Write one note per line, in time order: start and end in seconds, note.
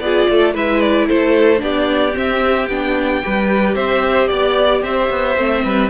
0.00 0.27 B3
0.00 0.55 F4
0.00 0.31 G#4
0.00 0.54 D5
0.29 0.55 A3
0.29 0.54 A4
0.54 1.08 G#3
0.54 1.58 E4
0.54 1.07 B4
0.54 0.80 E5
0.80 1.07 D5
1.08 1.61 A3
1.08 1.61 A4
1.08 1.61 C5
1.58 2.15 B3
1.58 2.11 D4
1.58 3.23 G4
1.58 2.16 D5
2.14 2.68 C4
2.14 2.69 C4
2.14 2.68 E5
2.68 3.22 B3
2.68 3.23 D4
2.68 3.75 G5
3.23 3.75 G3
3.23 5.37 G4
3.23 3.75 B4
3.75 4.29 C4
3.75 4.29 C5
3.75 4.28 E5
4.28 4.82 B3
4.28 4.81 D5
4.28 4.83 D5
4.82 5.09 C4
4.82 5.64 C5
4.82 5.90 E5
5.10 5.37 B3
5.37 5.64 A3
5.37 5.90 C4
5.64 5.90 G3
5.64 5.90 B4